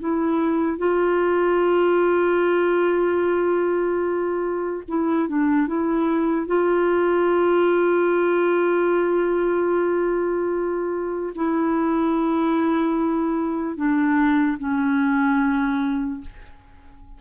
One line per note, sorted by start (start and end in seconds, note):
0.00 0.78 E4
0.78 4.84 F4
4.88 5.29 E4
5.29 5.68 D4
5.68 6.47 E4
6.47 11.33 F4
11.35 13.77 E4
13.77 14.58 D4
14.59 16.21 C#4